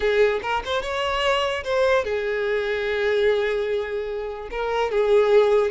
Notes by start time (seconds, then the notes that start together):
0.00 G#4
0.42 A#4
0.65 C5
0.81 C#5
1.64 C5
2.04 G#4
4.50 A#4
4.91 G#4